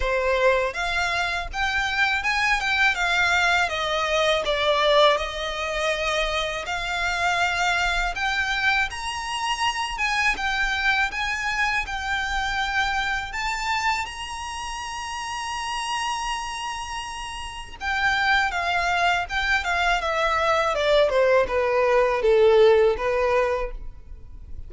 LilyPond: \new Staff \with { instrumentName = "violin" } { \time 4/4 \tempo 4 = 81 c''4 f''4 g''4 gis''8 g''8 | f''4 dis''4 d''4 dis''4~ | dis''4 f''2 g''4 | ais''4. gis''8 g''4 gis''4 |
g''2 a''4 ais''4~ | ais''1 | g''4 f''4 g''8 f''8 e''4 | d''8 c''8 b'4 a'4 b'4 | }